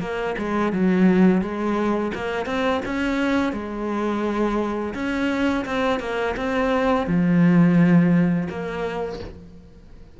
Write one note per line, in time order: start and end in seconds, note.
0.00 0.35 A#3
0.38 0.73 G#3
0.73 1.41 F#3
1.41 2.12 G#3
2.14 2.45 A#3
2.45 2.81 C4
2.85 3.52 C#4
3.52 4.93 G#3
4.94 5.65 C#4
5.65 6.00 C4
6.00 6.35 A#3
6.36 7.07 C4
7.07 8.48 F3
8.49 9.20 A#3